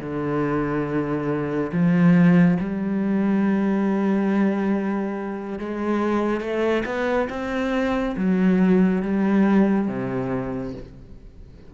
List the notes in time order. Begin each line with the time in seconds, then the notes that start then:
0.00 D3
1.73 F3
2.60 G3
5.59 G#3
6.41 A3
6.86 B3
7.30 C4
8.17 F#3
9.03 G3
9.88 C3